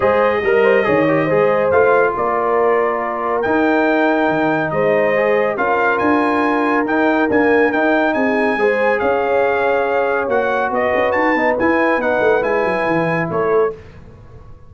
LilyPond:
<<
  \new Staff \with { instrumentName = "trumpet" } { \time 4/4 \tempo 4 = 140 dis''1 | f''4 d''2. | g''2. dis''4~ | dis''4 f''4 gis''2 |
g''4 gis''4 g''4 gis''4~ | gis''4 f''2. | fis''4 dis''4 a''4 gis''4 | fis''4 gis''2 cis''4 | }
  \new Staff \with { instrumentName = "horn" } { \time 4/4 c''4 ais'8 c''8 cis''4 c''4~ | c''4 ais'2.~ | ais'2. c''4~ | c''4 ais'2.~ |
ais'2. gis'4 | c''4 cis''2.~ | cis''4 b'2.~ | b'2. a'4 | }
  \new Staff \with { instrumentName = "trombone" } { \time 4/4 gis'4 ais'4 gis'8 g'8 gis'4 | f'1 | dis'1 | gis'4 f'2. |
dis'4 ais4 dis'2 | gis'1 | fis'2~ fis'8 dis'8 e'4 | dis'4 e'2. | }
  \new Staff \with { instrumentName = "tuba" } { \time 4/4 gis4 g4 dis4 gis4 | a4 ais2. | dis'2 dis4 gis4~ | gis4 cis'4 d'2 |
dis'4 d'4 dis'4 c'4 | gis4 cis'2. | ais4 b8 cis'8 dis'8 b8 e'4 | b8 a8 gis8 fis8 e4 a4 | }
>>